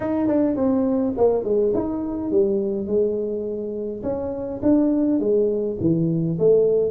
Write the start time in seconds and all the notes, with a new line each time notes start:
0.00 D#4
0.27 D4
0.56 C4
1.17 A#3
1.43 G#3
1.74 D#4
2.30 G3
2.87 G#3
4.03 C#4
4.62 D4
5.19 G#3
5.80 E3
6.38 A3